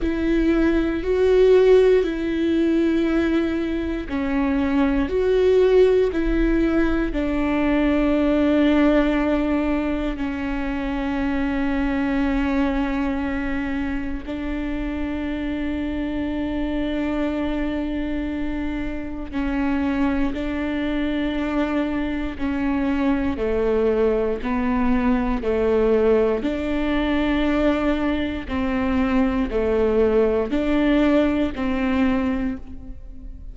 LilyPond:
\new Staff \with { instrumentName = "viola" } { \time 4/4 \tempo 4 = 59 e'4 fis'4 e'2 | cis'4 fis'4 e'4 d'4~ | d'2 cis'2~ | cis'2 d'2~ |
d'2. cis'4 | d'2 cis'4 a4 | b4 a4 d'2 | c'4 a4 d'4 c'4 | }